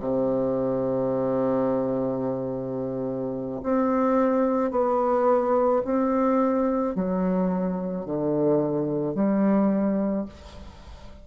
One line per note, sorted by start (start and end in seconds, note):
0.00 3.61 C3
3.63 4.72 C4
4.72 5.83 B3
5.85 6.95 C4
6.95 8.06 F#3
8.06 9.15 D3
9.15 10.26 G3